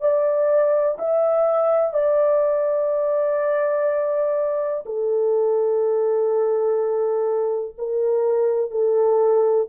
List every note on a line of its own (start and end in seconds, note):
0.00 0.97 D5
0.98 1.94 E5
1.94 4.84 D5
4.85 7.76 A4
7.78 8.71 A#4
8.71 9.67 A4